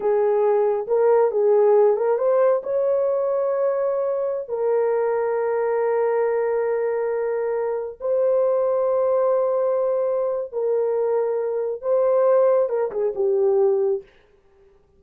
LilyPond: \new Staff \with { instrumentName = "horn" } { \time 4/4 \tempo 4 = 137 gis'2 ais'4 gis'4~ | gis'8 ais'8 c''4 cis''2~ | cis''2~ cis''16 ais'4.~ ais'16~ | ais'1~ |
ais'2~ ais'16 c''4.~ c''16~ | c''1 | ais'2. c''4~ | c''4 ais'8 gis'8 g'2 | }